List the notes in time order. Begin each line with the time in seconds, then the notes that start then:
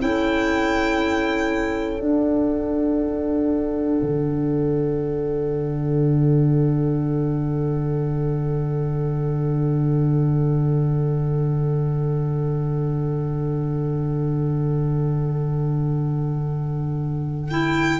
0.00 C#4 E4 A4 G5
1.99 D4 F#5
4.02 D3
17.50 E4 G5